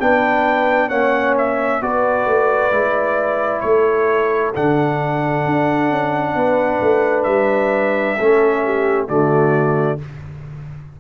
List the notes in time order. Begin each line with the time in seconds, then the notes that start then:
0.00 B3 D4 B4 G5
0.88 A#3 C#4 C#5 F#5
1.38 E5
1.81 B3 F#4 B4 D5
2.26 A3
2.71 G#3 E4
3.60 A3 A4 C#5
4.55 D3 D4 F#5
5.45 D4
5.90 C#4
6.35 B3 B4
6.81 A3
7.23 G3 E5
8.18 A3 C#4 A4
8.65 G4
9.08 D3 A3 F#4 D5